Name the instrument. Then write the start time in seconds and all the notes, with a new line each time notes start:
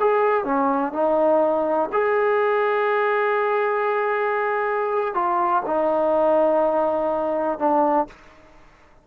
trombone
0.00 G#4
0.45 C#4
0.93 D#4
1.92 G#4
5.14 F4
5.66 D#4
7.59 D4